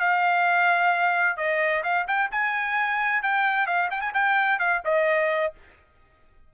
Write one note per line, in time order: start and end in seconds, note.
0.00 1.37 F5
1.37 1.83 D#5
1.84 2.07 F5
2.08 2.30 G5
2.32 3.23 G#5
3.23 3.67 G5
3.67 3.90 F5
3.91 4.01 G5
4.01 4.13 G#5
4.14 4.59 G5
4.59 4.82 F5
4.85 5.54 D#5